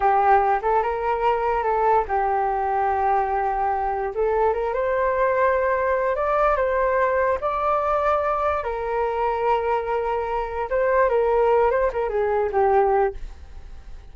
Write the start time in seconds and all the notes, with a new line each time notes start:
0.00 G4
0.62 A4
0.82 A#4
1.63 A4
2.08 G4
4.14 A4
4.53 A#4
4.73 C5
6.15 D5
6.56 C5
7.40 D5
8.63 A#4
10.70 C5
11.09 A#4
11.70 C5
11.93 A#4
12.09 G#4
12.52 G4